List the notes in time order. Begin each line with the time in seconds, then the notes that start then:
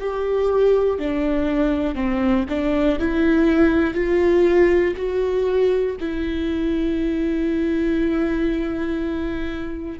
0.00 G4
1.00 D4
1.95 C4
2.50 D4
3.00 E4
3.95 F4
4.96 F#4
6.00 E4